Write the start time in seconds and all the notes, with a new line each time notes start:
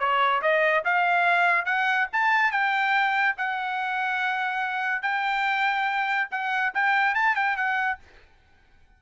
0.00 C#5
0.42 D#5
0.85 F5
1.66 F#5
2.13 A5
2.52 G5
3.38 F#5
5.03 G5
6.31 F#5
6.75 G5
7.15 A5
7.36 G5
7.57 F#5